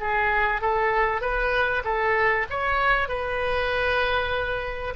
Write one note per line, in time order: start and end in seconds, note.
0.00 0.61 G#4
0.61 1.21 A4
1.21 1.83 B4
1.84 2.46 A4
2.50 3.08 C#5
3.08 4.94 B4